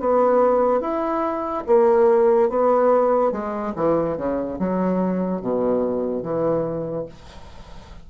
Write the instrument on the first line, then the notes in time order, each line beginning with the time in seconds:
bassoon
0.00 B3
0.81 E4
1.67 A#3
2.50 B3
3.32 G#3
3.76 E3
4.17 C#3
4.59 F#3
5.42 B2
6.23 E3